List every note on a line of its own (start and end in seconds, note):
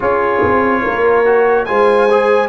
0.00 0.42 C#4
0.00 1.25 F4
0.00 0.81 G#4
0.00 1.65 C#5
0.43 0.85 C4
0.82 1.68 A#3
0.82 1.66 A#4
1.25 1.66 F#4
1.65 2.49 G#3
1.65 2.08 F4
1.65 2.49 C5
1.65 2.48 G#5
2.10 2.49 G#4